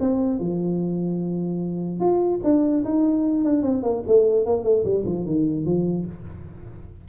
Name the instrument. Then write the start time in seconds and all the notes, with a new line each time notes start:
tuba
0.00 C4
0.40 F3
2.00 F4
2.43 D4
2.84 D#4
3.44 D4
3.62 C4
3.83 A#3
4.07 A3
4.45 A#3
4.64 A3
4.84 G3
5.05 F3
5.26 D#3
5.65 F3